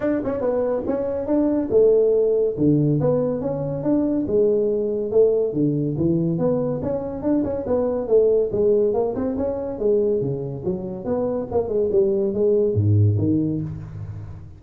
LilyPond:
\new Staff \with { instrumentName = "tuba" } { \time 4/4 \tempo 4 = 141 d'8 cis'8 b4 cis'4 d'4 | a2 d4 b4 | cis'4 d'4 gis2 | a4 d4 e4 b4 |
cis'4 d'8 cis'8 b4 a4 | gis4 ais8 c'8 cis'4 gis4 | cis4 fis4 b4 ais8 gis8 | g4 gis4 gis,4 dis4 | }